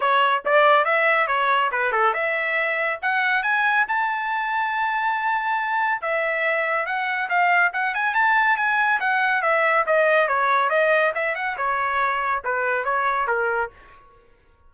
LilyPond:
\new Staff \with { instrumentName = "trumpet" } { \time 4/4 \tempo 4 = 140 cis''4 d''4 e''4 cis''4 | b'8 a'8 e''2 fis''4 | gis''4 a''2.~ | a''2 e''2 |
fis''4 f''4 fis''8 gis''8 a''4 | gis''4 fis''4 e''4 dis''4 | cis''4 dis''4 e''8 fis''8 cis''4~ | cis''4 b'4 cis''4 ais'4 | }